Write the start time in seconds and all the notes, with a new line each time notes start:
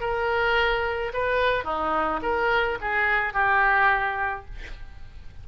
0.00 A#4
1.13 B4
1.64 D#4
2.22 A#4
2.81 G#4
3.33 G4